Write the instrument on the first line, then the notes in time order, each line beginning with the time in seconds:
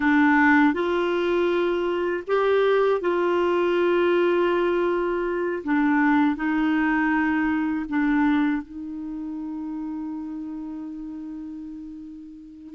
clarinet
0.00 D4
0.73 F4
2.27 G4
3.00 F4
5.64 D4
6.36 D#4
7.89 D4
8.62 D#4